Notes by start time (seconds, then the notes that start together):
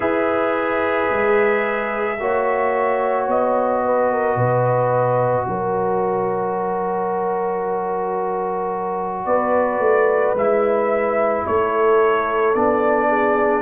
0.00 E4 G#4 B4 E5
1.11 G#3
2.19 A#3 F#4 C#5
3.27 B3 D#5
3.85 B4
4.12 A#4
4.36 B2 B4
5.47 F#3 A#4 C#5
9.25 B3 B4 D5
9.79 A3
10.35 G#3 E4 E5
11.46 A3 A4 C#5
12.54 B3 D4 D5
13.08 G#4